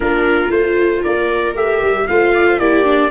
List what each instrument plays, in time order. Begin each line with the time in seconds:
0.00 tuba A#3, viola D4 F4, trumpet A#4
0.50 tuba A3, viola F4, trumpet C5
1.00 tuba A#3, viola A#4, trumpet D5
1.55 tuba A3, viola G4, trumpet E5
1.81 tuba G3
2.07 tuba A3, viola F4 C5, trumpet F5
2.34 viola D5
2.46 viola C5
2.58 tuba A#3, viola E4 G4, trumpet D5
2.83 viola D4